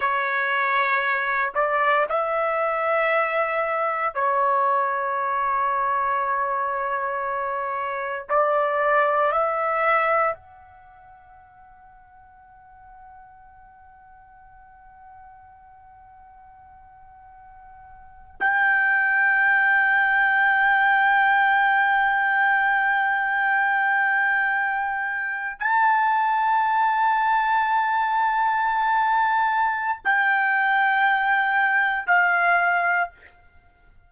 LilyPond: \new Staff \with { instrumentName = "trumpet" } { \time 4/4 \tempo 4 = 58 cis''4. d''8 e''2 | cis''1 | d''4 e''4 fis''2~ | fis''1~ |
fis''4.~ fis''16 g''2~ g''16~ | g''1~ | g''8. a''2.~ a''16~ | a''4 g''2 f''4 | }